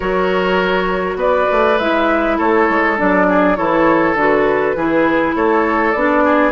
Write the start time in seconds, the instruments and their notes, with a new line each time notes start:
0.00 bassoon F#3, clarinet F#4, oboe A#4, flute C#5
1.15 bassoon B3, oboe B4, flute D5
1.51 bassoon A3
1.78 bassoon G#3, clarinet E4, flute E5
2.37 bassoon A3, oboe A4, flute C#5
2.69 bassoon G#3
2.97 bassoon F#3, clarinet D4, flute D5
3.28 oboe G#4
3.56 bassoon E3, clarinet E4, oboe A4, flute C#5
4.14 bassoon D3, clarinet F#4
4.21 flute B4
4.75 bassoon E3, clarinet E4, oboe G#4
5.35 bassoon A3, oboe A4, flute C#5
5.91 bassoon B3, clarinet D4, flute D5
6.24 oboe G#4